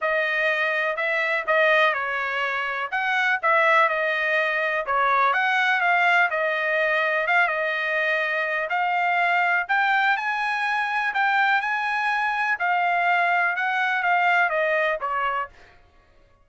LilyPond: \new Staff \with { instrumentName = "trumpet" } { \time 4/4 \tempo 4 = 124 dis''2 e''4 dis''4 | cis''2 fis''4 e''4 | dis''2 cis''4 fis''4 | f''4 dis''2 f''8 dis''8~ |
dis''2 f''2 | g''4 gis''2 g''4 | gis''2 f''2 | fis''4 f''4 dis''4 cis''4 | }